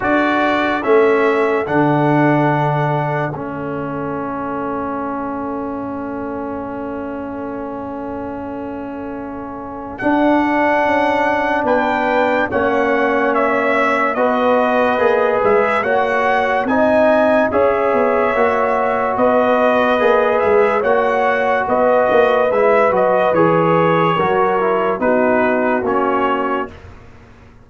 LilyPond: <<
  \new Staff \with { instrumentName = "trumpet" } { \time 4/4 \tempo 4 = 72 d''4 e''4 fis''2 | e''1~ | e''1 | fis''2 g''4 fis''4 |
e''4 dis''4. e''8 fis''4 | gis''4 e''2 dis''4~ | dis''8 e''8 fis''4 dis''4 e''8 dis''8 | cis''2 b'4 cis''4 | }
  \new Staff \with { instrumentName = "horn" } { \time 4/4 a'1~ | a'1~ | a'1~ | a'2 b'4 cis''4~ |
cis''4 b'2 cis''4 | dis''4 cis''2 b'4~ | b'4 cis''4 b'2~ | b'4 ais'4 fis'2 | }
  \new Staff \with { instrumentName = "trombone" } { \time 4/4 fis'4 cis'4 d'2 | cis'1~ | cis'1 | d'2. cis'4~ |
cis'4 fis'4 gis'4 fis'4 | dis'4 gis'4 fis'2 | gis'4 fis'2 e'8 fis'8 | gis'4 fis'8 e'8 dis'4 cis'4 | }
  \new Staff \with { instrumentName = "tuba" } { \time 4/4 d'4 a4 d2 | a1~ | a1 | d'4 cis'4 b4 ais4~ |
ais4 b4 ais8 gis8 ais4 | c'4 cis'8 b8 ais4 b4 | ais8 gis8 ais4 b8 ais8 gis8 fis8 | e4 fis4 b4 ais4 | }
>>